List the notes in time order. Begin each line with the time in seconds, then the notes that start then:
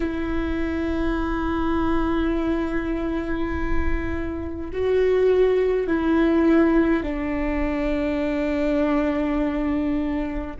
0.00 E4
4.73 F#4
5.87 E4
7.03 D4